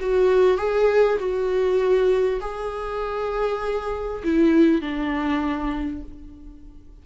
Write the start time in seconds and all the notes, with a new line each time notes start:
0.00 F#4
0.58 G#4
1.19 F#4
2.41 G#4
4.24 E4
4.81 D4